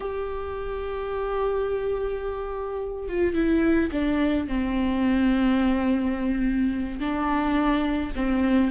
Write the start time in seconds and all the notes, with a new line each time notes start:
0.00 G4
3.08 F4
3.34 E4
3.91 D4
4.47 C4
7.00 D4
8.15 C4